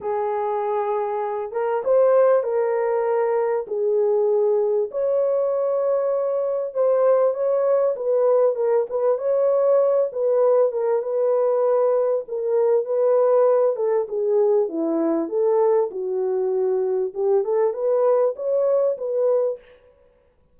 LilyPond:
\new Staff \with { instrumentName = "horn" } { \time 4/4 \tempo 4 = 98 gis'2~ gis'8 ais'8 c''4 | ais'2 gis'2 | cis''2. c''4 | cis''4 b'4 ais'8 b'8 cis''4~ |
cis''8 b'4 ais'8 b'2 | ais'4 b'4. a'8 gis'4 | e'4 a'4 fis'2 | g'8 a'8 b'4 cis''4 b'4 | }